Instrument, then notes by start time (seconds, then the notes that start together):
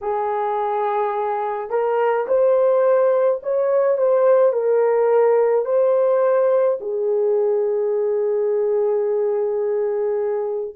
horn
0.01 G#4
1.70 A#4
2.27 C5
3.43 C#5
3.97 C5
4.52 A#4
5.65 C5
6.80 G#4